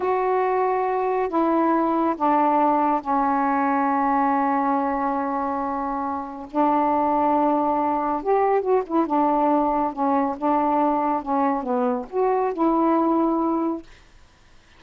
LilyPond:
\new Staff \with { instrumentName = "saxophone" } { \time 4/4 \tempo 4 = 139 fis'2. e'4~ | e'4 d'2 cis'4~ | cis'1~ | cis'2. d'4~ |
d'2. g'4 | fis'8 e'8 d'2 cis'4 | d'2 cis'4 b4 | fis'4 e'2. | }